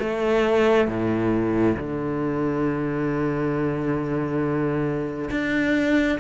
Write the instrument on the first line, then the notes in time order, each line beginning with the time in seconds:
cello
0.00 A3
0.88 A2
1.77 D3
5.31 D4